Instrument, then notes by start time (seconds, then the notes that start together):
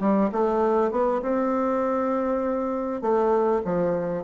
bassoon
0.00 G3
0.32 A3
0.91 B3
1.22 C4
3.01 A3
3.64 F3